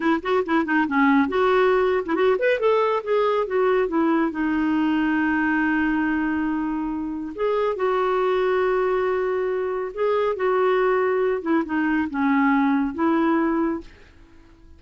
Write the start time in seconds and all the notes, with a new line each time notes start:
0.00 E4
0.22 F#4
0.45 E4
0.65 D#4
0.87 C#4
1.28 F#4
2.05 E4
2.15 F#4
2.39 B4
2.59 A4
3.03 G#4
3.46 F#4
3.88 E4
4.31 D#4
7.35 G#4
7.76 F#4
9.94 G#4
10.36 F#4
11.42 E4
11.65 D#4
12.10 C#4
12.94 E4